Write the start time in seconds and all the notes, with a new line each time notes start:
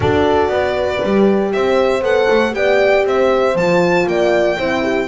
0.00 D4 F#4 A4 D5
0.48 B3 B4
1.01 G3 G4
1.52 C4 C5 E5
2.01 B3 A4 F#5
2.30 A3
2.52 B3 G4 D5 G5
3.04 C4 C5 E5
3.55 F3 F4 A5
4.06 A#3 D5 G5
4.57 C4 E4 C5
4.82 G4